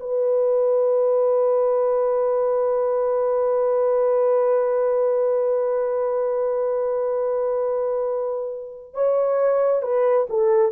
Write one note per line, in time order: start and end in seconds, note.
0.00 8.94 B4
8.94 9.82 C#5
9.82 10.27 B4
10.29 10.72 A4